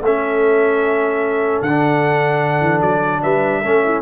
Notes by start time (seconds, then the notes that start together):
0.00 A3 A4 E5
0.06 C#4
1.61 D3 F#5
1.67 D4
2.60 E3
2.81 F#3 D5
3.22 G3 B4 E5
3.61 A3 C#4 A4
3.84 E4